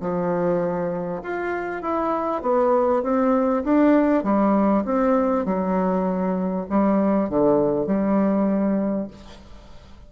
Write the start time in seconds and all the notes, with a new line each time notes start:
0.00 F3
1.22 F4
1.82 E4
2.42 B3
3.02 C4
3.64 D4
4.23 G3
4.84 C4
5.45 F#3
6.69 G3
7.29 D3
7.86 G3